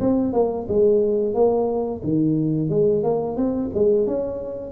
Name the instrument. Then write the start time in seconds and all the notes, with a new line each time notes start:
tuba
0.00 C4
0.33 A#3
0.68 G#3
1.34 A#3
2.03 D#3
2.69 G#3
3.03 A#3
3.36 C4
3.74 G#3
4.06 C#4